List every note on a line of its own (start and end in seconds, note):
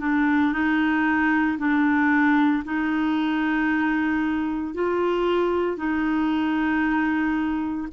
0.00 0.53 D4
0.53 1.58 D#4
1.58 2.64 D4
2.65 4.74 D#4
4.74 5.77 F4
5.77 7.88 D#4